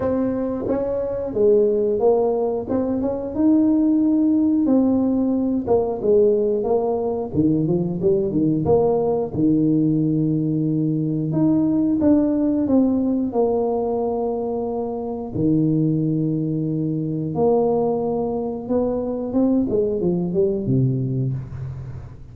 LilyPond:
\new Staff \with { instrumentName = "tuba" } { \time 4/4 \tempo 4 = 90 c'4 cis'4 gis4 ais4 | c'8 cis'8 dis'2 c'4~ | c'8 ais8 gis4 ais4 dis8 f8 | g8 dis8 ais4 dis2~ |
dis4 dis'4 d'4 c'4 | ais2. dis4~ | dis2 ais2 | b4 c'8 gis8 f8 g8 c4 | }